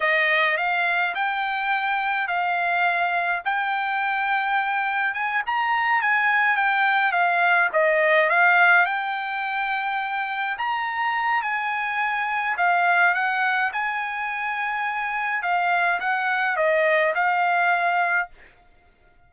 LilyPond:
\new Staff \with { instrumentName = "trumpet" } { \time 4/4 \tempo 4 = 105 dis''4 f''4 g''2 | f''2 g''2~ | g''4 gis''8 ais''4 gis''4 g''8~ | g''8 f''4 dis''4 f''4 g''8~ |
g''2~ g''8 ais''4. | gis''2 f''4 fis''4 | gis''2. f''4 | fis''4 dis''4 f''2 | }